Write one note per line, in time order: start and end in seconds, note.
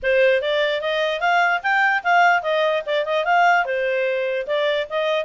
0.03 0.41 C5
0.41 0.81 D5
0.81 1.20 D#5
1.20 1.61 F5
1.62 2.03 G5
2.03 2.42 F5
2.42 2.83 D#5
2.86 3.05 D5
3.05 3.25 D#5
3.25 3.65 F5
3.65 4.46 C5
4.46 4.87 D5
4.89 5.25 D#5